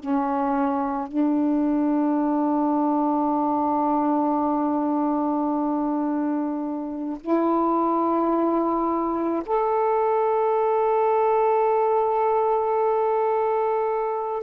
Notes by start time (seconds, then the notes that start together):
0.00 C#4
1.08 D4
7.21 E4
9.45 A4